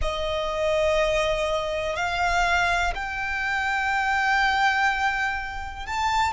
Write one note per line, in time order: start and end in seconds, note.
0.01 1.96 D#5
1.96 2.93 F5
2.94 5.86 G5
5.86 6.32 A5